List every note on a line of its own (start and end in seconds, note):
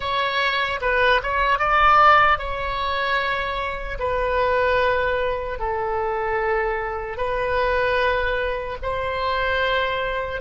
0.00 0.80 C#5
0.81 1.21 B4
1.23 1.58 C#5
1.58 2.38 D5
2.38 3.98 C#5
3.99 5.59 B4
5.59 7.17 A4
7.17 8.77 B4
8.82 10.41 C5